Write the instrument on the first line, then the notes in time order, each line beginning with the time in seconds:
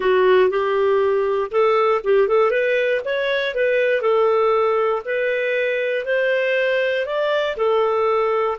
clarinet
0.00 F#4
0.50 G4
1.51 A4
2.04 G4
2.27 A4
2.50 B4
3.04 C#5
3.54 B4
4.01 A4
5.05 B4
6.05 C5
7.06 D5
7.57 A4